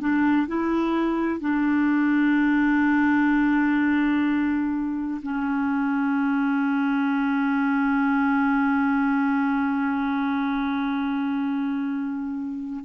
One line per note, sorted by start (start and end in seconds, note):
0.00 0.48 D4
0.48 1.40 E4
1.40 5.21 D4
5.23 12.84 C#4